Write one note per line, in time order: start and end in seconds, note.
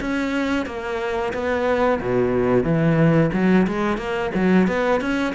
0.00 0.65 C#4
0.65 1.32 A#3
1.33 1.99 B3
2.00 2.63 B2
2.63 3.30 E3
3.33 3.66 F#3
3.67 3.97 G#3
3.97 4.30 A#3
4.34 4.67 F#3
4.67 5.00 B3
5.00 5.34 C#4